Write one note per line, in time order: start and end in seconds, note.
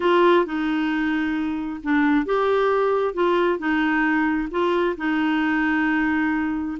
0.00 0.45 F4
0.45 1.80 D#4
1.83 2.25 D4
2.25 3.14 G4
3.14 3.58 F4
3.58 4.48 D#4
4.51 4.96 F4
4.97 6.78 D#4